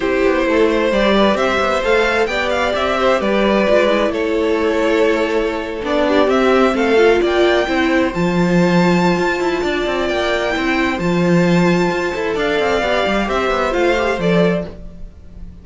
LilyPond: <<
  \new Staff \with { instrumentName = "violin" } { \time 4/4 \tempo 4 = 131 c''2 d''4 e''4 | f''4 g''8 f''8 e''4 d''4~ | d''4 cis''2.~ | cis''8. d''4 e''4 f''4 g''16~ |
g''4.~ g''16 a''2~ a''16~ | a''2 g''2 | a''2. f''4~ | f''4 e''4 f''4 d''4 | }
  \new Staff \with { instrumentName = "violin" } { \time 4/4 g'4 a'8 c''4 b'8 c''4~ | c''4 d''4. c''8 b'4~ | b'4 a'2.~ | a'4~ a'16 g'4. a'4 d''16~ |
d''8. c''2.~ c''16~ | c''4 d''2 c''4~ | c''2. d''4~ | d''4 c''2. | }
  \new Staff \with { instrumentName = "viola" } { \time 4/4 e'2 g'2 | a'4 g'2. | f'8 e'2.~ e'8~ | e'8. d'4 c'4. f'8.~ |
f'8. e'4 f'2~ f'16~ | f'2. e'4 | f'2~ f'8 a'4. | g'2 f'8 g'8 a'4 | }
  \new Staff \with { instrumentName = "cello" } { \time 4/4 c'8 b8 a4 g4 c'8 b8 | a4 b4 c'4 g4 | gis4 a2.~ | a8. b4 c'4 a4 ais16~ |
ais8. c'4 f2~ f16 | f'8 e'8 d'8 c'8 ais4 c'4 | f2 f'8 e'8 d'8 c'8 | b8 g8 c'8 b8 a4 f4 | }
>>